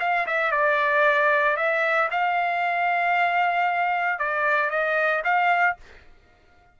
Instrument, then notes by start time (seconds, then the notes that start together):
trumpet
0.00 F5
0.27 E5
0.51 D5
1.57 E5
2.11 F5
4.19 D5
4.70 D#5
5.24 F5